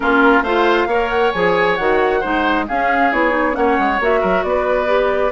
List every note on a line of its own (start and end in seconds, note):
0.00 0.40 A#3
0.00 0.44 C#4
0.00 0.43 F4
0.00 0.43 A#4
0.42 0.86 A3
0.42 0.89 F4
0.42 0.87 C5
0.42 1.09 F5
0.86 1.30 A#3
0.86 1.34 A#4
0.86 2.20 C#5
1.09 1.31 F#5
1.31 1.79 F3
1.31 1.78 G#4
1.31 1.75 G#5
1.75 2.23 D#3
1.75 2.21 F#4
1.75 2.64 F#5
2.20 2.69 G#3
2.20 2.66 D#4
2.20 2.65 C5
2.67 3.12 C#4
2.67 3.56 G#4
2.67 3.12 F5
3.12 3.56 B3
3.12 3.30 E4
3.12 3.55 C#5
3.30 3.52 D#4
3.52 3.78 A#3
3.52 3.96 C#4
3.52 3.99 F#5
3.58 4.20 C#5
3.78 3.99 G#3
3.99 4.22 A#3
3.99 4.86 F#4
3.99 4.43 E5
4.20 4.43 F#3
4.20 4.42 A#4
4.43 5.32 B3
4.43 5.32 B4
4.43 5.32 D5
4.86 5.31 G4